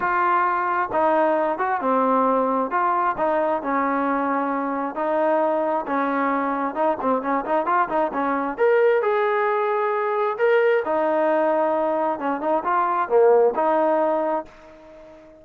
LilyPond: \new Staff \with { instrumentName = "trombone" } { \time 4/4 \tempo 4 = 133 f'2 dis'4. fis'8 | c'2 f'4 dis'4 | cis'2. dis'4~ | dis'4 cis'2 dis'8 c'8 |
cis'8 dis'8 f'8 dis'8 cis'4 ais'4 | gis'2. ais'4 | dis'2. cis'8 dis'8 | f'4 ais4 dis'2 | }